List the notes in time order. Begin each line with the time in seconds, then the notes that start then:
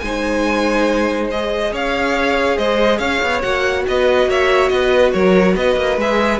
0.00 G#3 D#4 C5 G#5
1.31 G#4 D#5
1.72 C#4 C#5 F5
2.58 G#3 C5 D#5
2.99 C#4 C#5 F5
3.22 B3
3.42 A#3 F#4 F#5
3.88 B3 B4 D#5
4.27 A#3 C#5 E5
4.69 B3 B4 D#5
5.13 F#3 A#4 C#5
5.56 B3 B4 D#5
5.77 A#3
5.97 G#3 G#4 E5